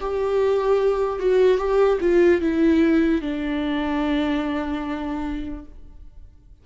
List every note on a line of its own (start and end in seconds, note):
0.00 1.19 G4
1.19 1.58 F#4
1.58 1.98 G4
2.00 2.41 F4
2.41 3.21 E4
3.21 5.65 D4